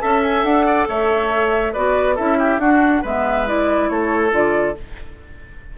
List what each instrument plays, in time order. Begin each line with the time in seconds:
0.00 bassoon C#4, clarinet A4, oboe E5, flute A5
0.22 flute G#5
0.43 bassoon D4, flute F#5
0.66 oboe D5
0.88 bassoon A3, oboe C#5, flute E5
1.72 bassoon B3, clarinet F#4, oboe B4, flute D5
2.15 bassoon C#4, clarinet E4, oboe A4, flute E5
2.38 oboe G4
2.58 bassoon D4, clarinet D4, oboe F#4, flute F#5
3.02 bassoon G#3, clarinet B3, oboe B4, flute E5
3.46 clarinet E4, flute D5
3.89 bassoon A3, oboe A4, flute C#5
4.30 bassoon D3, clarinet F4, flute D5